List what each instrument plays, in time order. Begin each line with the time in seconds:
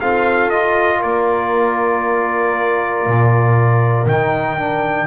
0.00 trombone C4, double bass F4, horn A4, trumpet F5
0.50 trombone F4, trumpet D#5
0.98 double bass A#3, horn A#4, trumpet D5
3.06 double bass A#2
4.06 double bass D#3, trombone D#4, trumpet G5
4.58 trombone D4